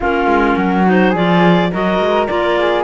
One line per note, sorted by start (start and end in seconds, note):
0.00 0.26 A#3
0.00 0.85 C#4
0.00 0.56 F4
0.00 0.87 A#4
0.26 0.55 G#3
0.56 1.14 F#3
0.56 1.10 F#4
0.85 1.14 D#4
0.85 1.15 C5
1.10 1.71 F3
1.10 1.71 F4
1.10 1.67 G#4
1.10 1.72 D5
1.71 1.99 F#3
1.71 2.28 F#4
1.71 2.57 A#4
1.71 2.27 D#5
1.99 2.27 G#3
2.27 2.84 A#3
2.27 2.84 F4
2.27 2.84 D5
2.58 2.84 G#4